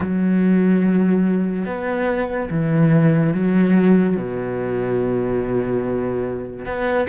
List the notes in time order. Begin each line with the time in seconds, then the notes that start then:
0.00 F#3
1.65 B3
2.50 E3
3.33 F#3
4.16 B2
6.65 B3